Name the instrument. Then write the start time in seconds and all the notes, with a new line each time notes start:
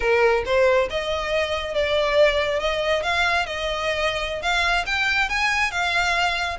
violin
0.00 A#4
0.45 C5
0.89 D#5
1.74 D5
2.59 D#5
3.02 F5
3.45 D#5
4.41 F5
4.86 G5
5.29 G#5
5.71 F5